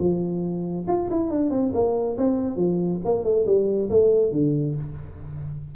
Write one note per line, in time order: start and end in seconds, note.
0.00 0.86 F3
0.88 1.10 F4
1.11 1.31 E4
1.31 1.51 D4
1.51 1.72 C4
1.74 2.17 A#3
2.18 2.57 C4
2.57 3.00 F3
3.05 3.25 A#3
3.25 3.46 A3
3.47 3.90 G3
3.90 4.32 A3
4.32 4.76 D3